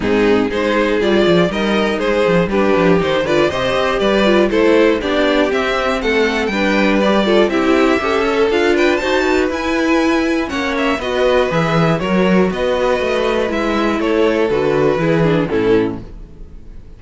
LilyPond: <<
  \new Staff \with { instrumentName = "violin" } { \time 4/4 \tempo 4 = 120 gis'4 c''4 d''4 dis''4 | c''4 b'4 c''8 d''8 dis''4 | d''4 c''4 d''4 e''4 | fis''4 g''4 d''4 e''4~ |
e''4 f''8 g''8 a''4 gis''4~ | gis''4 fis''8 e''8 dis''4 e''4 | cis''4 dis''2 e''4 | cis''4 b'2 a'4 | }
  \new Staff \with { instrumentName = "violin" } { \time 4/4 dis'4 gis'2 ais'4 | gis'4 g'4. b'8 c''4 | b'4 a'4 g'2 | a'4 b'4. a'8 g'4 |
a'4. b'8 c''8 b'4.~ | b'4 cis''4 b'2 | ais'4 b'2. | a'2 gis'4 e'4 | }
  \new Staff \with { instrumentName = "viola" } { \time 4/4 c'4 dis'4 f'4 dis'4~ | dis'4 d'4 dis'8 f'8 g'4~ | g'8 f'8 e'4 d'4 c'4~ | c'4 d'4 g'8 f'8 e'4 |
g'8 a'8 f'4 fis'4 e'4~ | e'4 cis'4 fis'4 gis'4 | fis'2. e'4~ | e'4 fis'4 e'8 d'8 cis'4 | }
  \new Staff \with { instrumentName = "cello" } { \time 4/4 gis,4 gis4 g8 f8 g4 | gis8 f8 g8 f8 dis8 d8 c8 c'8 | g4 a4 b4 c'4 | a4 g2 c'4 |
cis'4 d'4 dis'4 e'4~ | e'4 ais4 b4 e4 | fis4 b4 a4 gis4 | a4 d4 e4 a,4 | }
>>